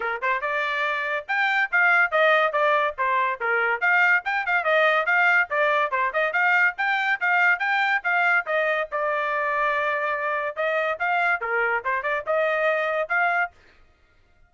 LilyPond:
\new Staff \with { instrumentName = "trumpet" } { \time 4/4 \tempo 4 = 142 ais'8 c''8 d''2 g''4 | f''4 dis''4 d''4 c''4 | ais'4 f''4 g''8 f''8 dis''4 | f''4 d''4 c''8 dis''8 f''4 |
g''4 f''4 g''4 f''4 | dis''4 d''2.~ | d''4 dis''4 f''4 ais'4 | c''8 d''8 dis''2 f''4 | }